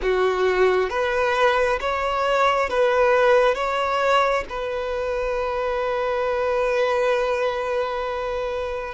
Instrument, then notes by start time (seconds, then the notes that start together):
violin
0.02 F#4
0.89 B4
1.80 C#5
2.69 B4
3.54 C#5
4.49 B4